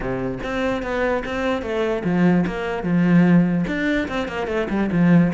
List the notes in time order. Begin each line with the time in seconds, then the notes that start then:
0.00 C3
0.43 C4
0.82 B3
1.25 C4
1.62 A3
2.04 F3
2.46 A#3
2.83 F3
3.67 D4
4.08 C4
4.28 A#3
4.47 A3
4.69 G3
4.91 F3